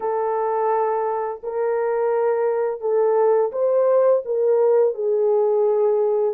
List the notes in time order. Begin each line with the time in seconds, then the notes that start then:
0.00 A4
1.43 A#4
2.80 A4
3.52 C5
4.25 A#4
4.94 G#4